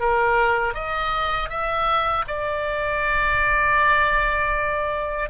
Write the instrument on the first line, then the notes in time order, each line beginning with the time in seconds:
oboe
0.00 A#4
0.75 D#5
1.49 E5
2.28 D5